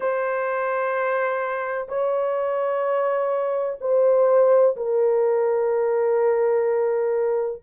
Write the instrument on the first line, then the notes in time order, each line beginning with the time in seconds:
horn
0.00 C5
1.88 C#5
3.81 C5
4.76 A#4